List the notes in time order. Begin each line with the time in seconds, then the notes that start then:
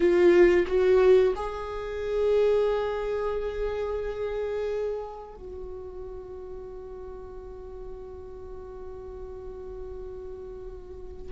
0.00 F4
0.67 F#4
1.35 G#4
5.34 F#4